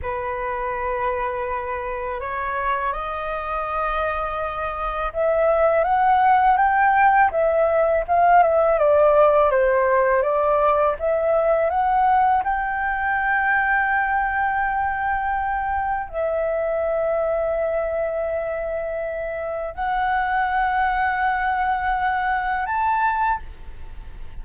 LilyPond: \new Staff \with { instrumentName = "flute" } { \time 4/4 \tempo 4 = 82 b'2. cis''4 | dis''2. e''4 | fis''4 g''4 e''4 f''8 e''8 | d''4 c''4 d''4 e''4 |
fis''4 g''2.~ | g''2 e''2~ | e''2. fis''4~ | fis''2. a''4 | }